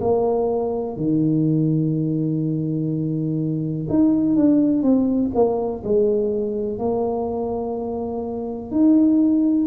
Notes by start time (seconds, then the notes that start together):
0.00 A#3
0.97 D#3
3.89 D#4
4.36 D4
4.83 C4
5.34 A#3
5.84 G#3
6.79 A#3
8.71 D#4